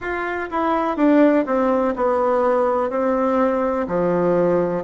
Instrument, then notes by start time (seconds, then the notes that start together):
bassoon
0.00 F4
0.50 E4
0.97 D4
1.46 C4
1.96 B3
2.90 C4
3.87 F3